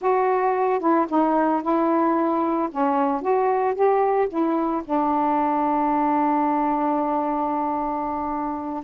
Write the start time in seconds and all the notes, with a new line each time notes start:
0.01 F#4
0.79 E4
1.09 D#4
1.62 E4
2.71 C#4
3.21 F#4
3.75 G4
4.29 E4
4.84 D4